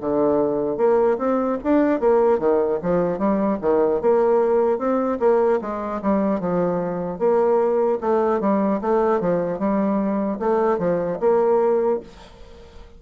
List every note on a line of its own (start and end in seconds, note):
0.00 0.77 D3
0.77 1.17 A#3
1.17 1.57 C4
1.63 2.00 D4
2.00 2.39 A#3
2.39 2.79 D#3
2.82 3.18 F3
3.18 3.58 G3
3.61 4.01 D#3
4.01 4.78 A#3
4.78 5.18 C4
5.19 5.59 A#3
5.61 6.01 G#3
6.02 6.40 G3
6.40 7.18 F3
7.18 7.98 A#3
8.00 8.40 A3
8.40 8.80 G3
8.81 9.20 A3
9.20 9.58 F3
9.58 10.38 G3
10.39 10.78 A3
10.78 11.18 F3
11.20 12.00 A#3